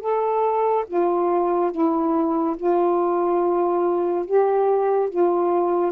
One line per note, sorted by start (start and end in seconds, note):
0.00 0.85 A4
0.87 1.71 F4
1.71 2.56 E4
2.56 4.25 F4
4.25 5.09 G4
5.09 5.92 F4